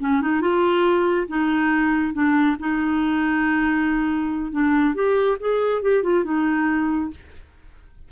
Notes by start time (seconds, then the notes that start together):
0.00 C#4
0.21 D#4
0.41 F4
1.28 D#4
2.13 D4
2.60 D#4
4.52 D4
4.94 G4
5.40 G#4
5.82 G4
6.03 F4
6.24 D#4